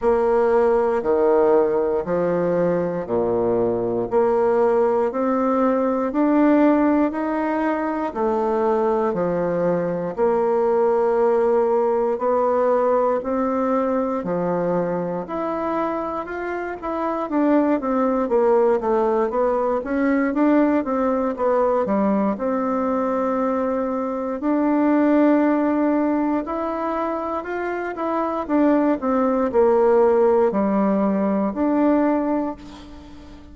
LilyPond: \new Staff \with { instrumentName = "bassoon" } { \time 4/4 \tempo 4 = 59 ais4 dis4 f4 ais,4 | ais4 c'4 d'4 dis'4 | a4 f4 ais2 | b4 c'4 f4 e'4 |
f'8 e'8 d'8 c'8 ais8 a8 b8 cis'8 | d'8 c'8 b8 g8 c'2 | d'2 e'4 f'8 e'8 | d'8 c'8 ais4 g4 d'4 | }